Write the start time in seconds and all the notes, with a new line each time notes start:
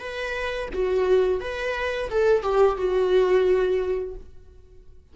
0.00 B4
0.74 F#4
1.41 B4
2.10 A4
2.43 G4
2.77 F#4